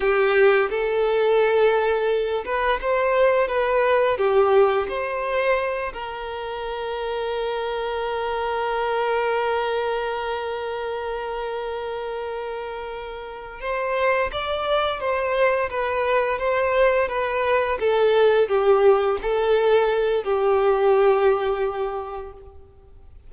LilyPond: \new Staff \with { instrumentName = "violin" } { \time 4/4 \tempo 4 = 86 g'4 a'2~ a'8 b'8 | c''4 b'4 g'4 c''4~ | c''8 ais'2.~ ais'8~ | ais'1~ |
ais'2.~ ais'8 c''8~ | c''8 d''4 c''4 b'4 c''8~ | c''8 b'4 a'4 g'4 a'8~ | a'4 g'2. | }